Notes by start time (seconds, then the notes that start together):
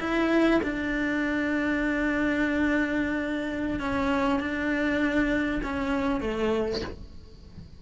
0.00 E4
0.63 D4
3.80 C#4
4.40 D4
5.63 C#4
6.21 A3